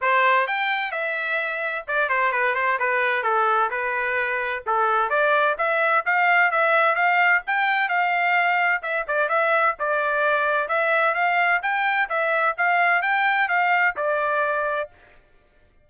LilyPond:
\new Staff \with { instrumentName = "trumpet" } { \time 4/4 \tempo 4 = 129 c''4 g''4 e''2 | d''8 c''8 b'8 c''8 b'4 a'4 | b'2 a'4 d''4 | e''4 f''4 e''4 f''4 |
g''4 f''2 e''8 d''8 | e''4 d''2 e''4 | f''4 g''4 e''4 f''4 | g''4 f''4 d''2 | }